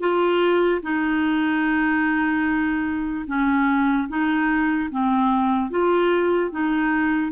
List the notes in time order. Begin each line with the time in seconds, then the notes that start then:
0.00 F4
0.82 D#4
3.27 C#4
4.08 D#4
4.91 C4
5.70 F4
6.50 D#4